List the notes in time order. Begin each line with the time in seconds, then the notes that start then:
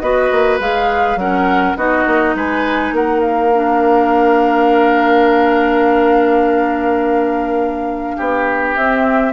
0.00 B3 F#4 B4 D#5
0.32 A#3
0.60 G#3 G#4 F5
1.16 F#3 C#4 A#4 F#5
1.77 B3 D#4 F#4 D#5
2.07 A#3
2.35 G#3 B4 G#5
2.92 A#3 A#4 F#5
3.20 F5
3.53 D4
8.17 B3 G4
8.76 C4 E5